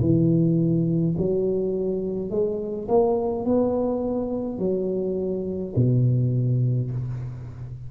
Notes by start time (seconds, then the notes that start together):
0.00 E3
1.17 F#3
2.30 G#3
2.87 A#3
3.45 B3
4.58 F#3
5.75 B2